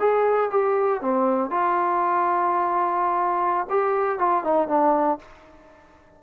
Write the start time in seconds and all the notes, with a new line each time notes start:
0.00 G#4
0.51 G4
1.02 C4
1.51 F4
3.70 G4
4.19 F4
4.44 D#4
4.68 D4